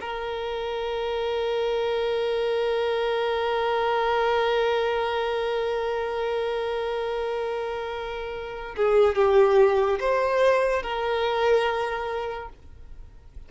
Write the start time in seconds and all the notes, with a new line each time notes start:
0.00 A#4
8.76 G#4
9.15 G4
9.99 C5
10.82 A#4